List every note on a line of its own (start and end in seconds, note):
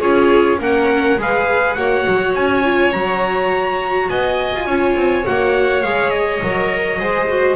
0.00 0.59 C#4
0.00 0.59 F4
0.00 0.58 G#4
0.00 0.59 C#5
0.59 1.17 A#3
0.59 1.18 C#4
0.59 1.20 A#4
0.59 1.21 F#5
1.18 1.76 G#3
1.18 1.77 G#4
1.18 1.78 B4
1.18 1.74 F5
1.74 2.06 A#3
1.74 2.64 F#4
1.74 4.10 C#5
1.74 2.32 F#5
2.07 2.36 F#3
2.35 2.93 C#4
2.35 2.93 G#5
2.64 2.93 F4
2.93 4.10 F#3
2.93 4.68 F#4
2.93 4.09 A#5
4.09 4.54 B3
4.09 4.67 D#5
4.09 5.26 G#5
4.55 4.66 F4
4.66 4.95 C#4
4.66 5.23 F4
4.66 7.00 C#5
4.96 5.25 C4
5.23 5.84 A#3
5.23 5.81 F#4
5.23 5.83 F#5
5.83 6.42 G#3
5.83 6.43 G#4
5.83 6.10 F5
6.10 7.56 D#5
6.43 7.00 F#3
6.43 6.99 A#4
6.99 7.56 G#3
6.99 7.28 G#4
6.99 7.56 C5
7.29 7.56 F#4